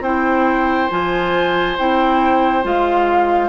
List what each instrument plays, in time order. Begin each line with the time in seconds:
0.00 bassoon C4, clarinet E4, oboe C5, flute G5
0.90 bassoon F3, clarinet F4, flute G#5
1.78 bassoon C4, clarinet E4, flute G5
2.63 bassoon G#3, clarinet F4, flute F5